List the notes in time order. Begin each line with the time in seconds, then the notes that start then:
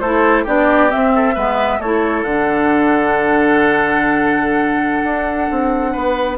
0.00 A3 E4 A4 C5
0.44 B3 D4 G4 D5
0.90 C4 E5
1.15 A4
1.34 G#3 B3 B4
1.79 A3 E4 A4 C#5
2.24 D3 D4 F#5
5.04 D4
5.51 C4
5.92 B3 B4